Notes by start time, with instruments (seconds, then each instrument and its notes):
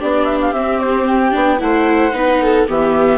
0.00 bassoon B3, viola D4 G4, flute D5
0.25 flute E5
0.42 flute F5
0.53 bassoon C4, viola C4, flute E5
0.80 flute C5
1.07 flute G5
1.32 bassoon B3, viola D4
1.59 bassoon A3, viola E4 C5, flute F#5
2.13 bassoon B3, viola D#4 B4
2.43 viola A4
2.68 bassoon E3, viola B3 G4, flute E5